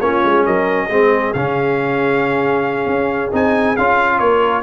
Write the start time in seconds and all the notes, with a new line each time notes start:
0.00 A#3 C#4 F4 C#5
0.24 G#3
0.45 F#3 A#4 D#5
0.86 G#3 C4 G#4
1.33 C#3 C#4 F5
2.86 C#4
3.31 C4 D#4 G#5
3.76 C#4 F4 F5
4.18 A#3 A#4 C#5